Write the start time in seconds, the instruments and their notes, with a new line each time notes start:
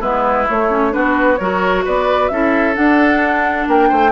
0.00 bassoon G#3, clarinet B3, oboe E4, flute B4
0.47 clarinet A3, bassoon A3, flute C#5
0.70 clarinet C#4
0.90 bassoon B3, clarinet D4, oboe F#4, flute B4
1.36 bassoon F#3, clarinet F#4, oboe A#4, flute C#5
1.84 bassoon B3, oboe B4, flute D5
2.28 bassoon C#4, clarinet E4, oboe A4, flute E5
2.74 clarinet D4, bassoon D4, flute F#5
3.67 bassoon A#3, oboe A#4, flute G5
3.88 bassoon A3, oboe C5